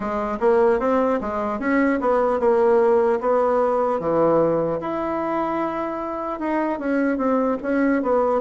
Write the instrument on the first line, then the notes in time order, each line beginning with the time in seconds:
bassoon
0.00 G#3
0.40 A#3
0.79 C4
1.20 G#3
1.59 C#4
2.00 B3
2.39 A#3
3.20 B3
3.99 E3
4.80 E4
6.39 D#4
6.79 C#4
7.17 C4
7.62 C#4
8.02 B3